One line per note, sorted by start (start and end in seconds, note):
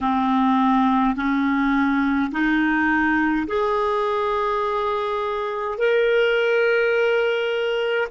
0.00 1.15 C4
1.15 2.31 C#4
2.31 3.46 D#4
3.47 5.77 G#4
5.77 8.08 A#4